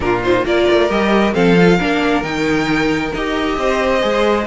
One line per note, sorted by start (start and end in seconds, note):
0.00 0.44 A#2
0.00 0.22 D4
0.00 0.45 F4
0.00 0.22 A#4
0.23 0.45 D#4
0.23 0.46 C5
0.44 0.66 A#3
0.44 0.89 F4
0.44 1.34 A#4
0.44 0.90 D5
0.71 0.90 A3
0.89 1.35 G3
0.89 1.33 G4
0.89 1.34 D#5
1.33 1.80 F3
1.33 1.55 C4
1.33 1.77 A4
1.33 2.22 F5
1.57 1.79 F4
1.77 2.22 A#3
1.77 2.23 D4
1.77 3.56 A#4
2.22 3.12 D#3
2.22 3.13 D#4
2.22 3.12 G5
3.14 3.57 D#4
3.14 4.01 G4
3.14 4.46 D#5
3.57 4.02 C4
3.57 4.46 C5
4.01 4.46 G#3
4.01 4.46 G#4